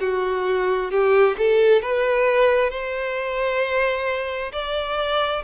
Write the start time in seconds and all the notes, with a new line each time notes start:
0.00 F#4
0.91 G4
1.38 A4
1.82 B4
2.70 C5
4.52 D5